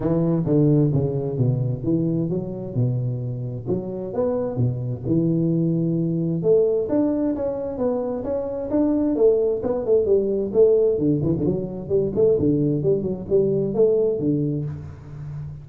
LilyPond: \new Staff \with { instrumentName = "tuba" } { \time 4/4 \tempo 4 = 131 e4 d4 cis4 b,4 | e4 fis4 b,2 | fis4 b4 b,4 e4~ | e2 a4 d'4 |
cis'4 b4 cis'4 d'4 | a4 b8 a8 g4 a4 | d8 e16 d16 fis4 g8 a8 d4 | g8 fis8 g4 a4 d4 | }